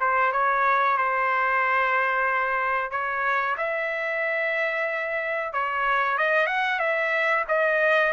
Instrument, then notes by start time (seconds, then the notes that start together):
trumpet
0.00 C5
0.32 C#5
0.97 C5
2.91 C#5
3.57 E5
5.53 C#5
6.17 D#5
6.47 F#5
6.79 E5
7.48 D#5